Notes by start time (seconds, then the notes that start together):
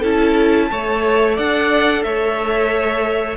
0.00 C#4 E4 A4 A5
0.70 A3 A4 C#5
1.34 D4 D5 F#5
2.03 A3 C#5 E5